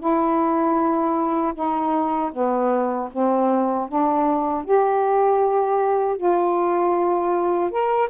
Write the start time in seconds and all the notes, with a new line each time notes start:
0.00 E4
1.55 D#4
2.33 B3
3.12 C4
3.89 D4
4.65 G4
6.17 F4
7.71 A#4